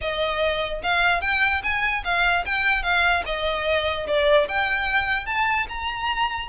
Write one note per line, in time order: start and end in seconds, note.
0.01 0.82 D#5
0.82 1.21 F5
1.21 1.61 G5
1.63 2.03 G#5
2.04 2.44 F5
2.45 2.82 G5
2.82 3.23 F5
3.25 4.06 D#5
4.07 4.47 D5
4.48 5.26 G5
5.26 5.66 A5
5.69 6.48 A#5